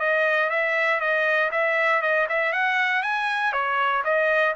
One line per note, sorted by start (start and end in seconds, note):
0.00 0.50 D#5
0.50 1.01 E5
1.01 1.51 D#5
1.52 2.02 E5
2.02 2.28 D#5
2.29 2.53 E5
2.53 3.03 F#5
3.03 3.53 G#5
3.53 4.03 C#5
4.05 4.55 D#5